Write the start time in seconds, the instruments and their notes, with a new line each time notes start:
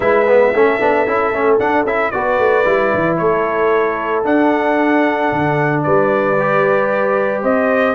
0.00 tuba G#3, trombone E4, horn B4, trumpet E5
0.27 trombone B3
0.54 tuba A3, trombone C#4, horn A4
0.80 tuba B3, trombone D4
1.06 tuba C#4, trombone E4
1.32 tuba A3, trombone C#4
1.59 tuba D4, trombone D4, trumpet F#5
1.84 tuba C#4, trombone E4, trumpet E5
2.10 tuba B3, trombone F#4, horn B4, trumpet D5
2.38 tuba A3
2.64 tuba G3, trombone E4
2.94 tuba E3
3.17 tuba A3, horn A4, trumpet C#5
4.23 trombone D4, tuba D4, trumpet F#5
5.32 tuba D3
5.82 tuba G3, horn B4, trumpet D5
6.39 trombone G4
7.42 tuba C4, horn C5, trumpet D#5